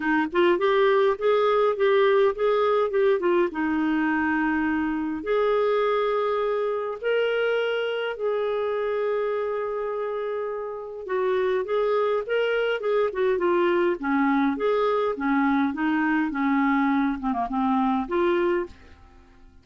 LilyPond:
\new Staff \with { instrumentName = "clarinet" } { \time 4/4 \tempo 4 = 103 dis'8 f'8 g'4 gis'4 g'4 | gis'4 g'8 f'8 dis'2~ | dis'4 gis'2. | ais'2 gis'2~ |
gis'2. fis'4 | gis'4 ais'4 gis'8 fis'8 f'4 | cis'4 gis'4 cis'4 dis'4 | cis'4. c'16 ais16 c'4 f'4 | }